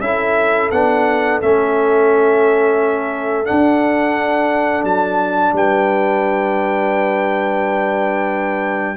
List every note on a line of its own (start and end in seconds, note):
0.00 0.69 C#4
0.00 0.72 E4
0.00 5.55 A4
0.00 0.70 E5
0.71 1.41 B3
0.71 1.42 D4
0.71 1.40 F#5
1.42 3.49 A3
1.42 3.45 C#4
1.42 3.46 E5
3.45 8.96 D4
3.45 4.84 F#5
3.51 4.83 D4
4.83 5.52 F#3
4.83 5.54 A5
5.53 8.97 G3
5.53 8.97 B4
5.53 8.97 G5